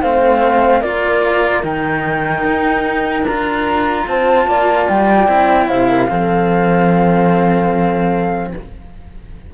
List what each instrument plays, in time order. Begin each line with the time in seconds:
0.00 cello A3 C4, horn C5, flute F5
0.80 cello A#3 F4, horn A#4, flute D5
1.62 cello D#3 D#4, flute G5
2.44 cello D#4
3.22 cello D4 F4, flute A#5
4.07 cello C4, horn C5, flute A5
4.47 cello A#3, horn D5
4.88 cello G3, flute G5
5.27 cello C4 E4
5.68 cello C3, horn C5, flute F5
5.89 horn A#4
6.09 cello F3 C4, horn A4